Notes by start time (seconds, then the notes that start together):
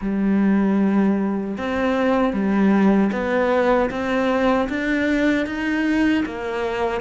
0.01 G3
1.57 C4
2.33 G3
3.12 B3
3.90 C4
4.69 D4
5.46 D#4
6.25 A#3